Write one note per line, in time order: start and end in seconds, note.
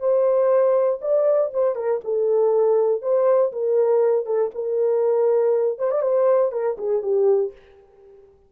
0.00 1.00 C5
1.01 1.51 D5
1.53 1.75 C5
1.75 2.00 A#4
2.04 3.02 A4
3.02 3.52 C5
3.52 4.26 A#4
4.26 4.51 A4
4.55 5.79 A#4
5.79 5.91 C5
5.91 6.02 D5
6.02 6.52 C5
6.52 6.77 A#4
6.78 7.02 G#4
7.02 7.52 G4